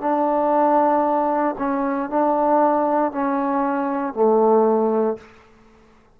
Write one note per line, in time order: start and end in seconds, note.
0.00 1.55 D4
1.58 2.10 C#4
2.10 3.12 D4
3.12 4.14 C#4
4.14 5.17 A3